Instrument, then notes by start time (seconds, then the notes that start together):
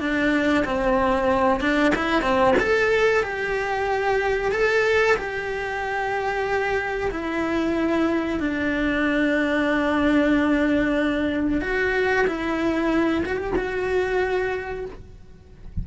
cello
0.00 D4
0.65 C4
1.61 D4
1.96 E4
2.22 C4
2.60 A4
3.23 G4
4.52 A4
5.17 G4
7.11 E4
8.40 D4
11.62 F#4
12.27 E4
13.26 F#4
13.38 G4
13.56 F#4